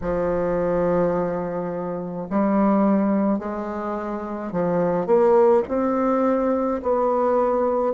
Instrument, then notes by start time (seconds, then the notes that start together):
bassoon
0.01 F3
2.30 G3
3.39 G#3
4.51 F3
5.06 A#3
5.68 C4
6.82 B3